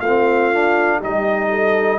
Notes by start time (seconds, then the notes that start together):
0.00 A3 C4 F4 F5
0.53 D4
0.99 G3 D#4 G4 D#5
1.50 A4